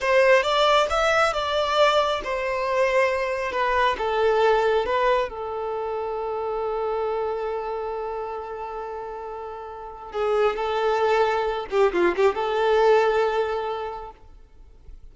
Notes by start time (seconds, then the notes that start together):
0.00 C5
0.42 D5
0.89 E5
1.33 D5
2.23 C5
3.52 B4
3.97 A4
4.85 B4
5.29 A4
10.12 G#4
10.56 A4
11.70 G4
11.92 F4
12.16 G4
12.34 A4